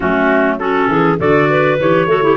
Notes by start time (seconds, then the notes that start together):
0.00 F#3 A3 C#4 F#4
0.59 C#4 F#4 A4
0.88 E3 G#4
1.18 D3 F#4 A4 D5
1.49 B4
1.80 E3 G4 C#5
2.06 A3 F#4 A4
2.22 E4 G4